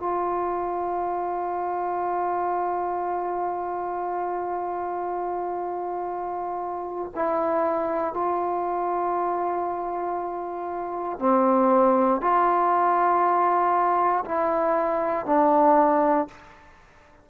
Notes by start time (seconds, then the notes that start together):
0.00 F4
7.15 E4
8.14 F4
11.19 C4
12.21 F4
14.25 E4
15.26 D4